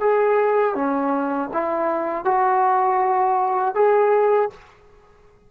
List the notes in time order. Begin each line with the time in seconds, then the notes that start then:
0.00 G#4
0.75 C#4
1.53 E4
2.25 F#4
3.75 G#4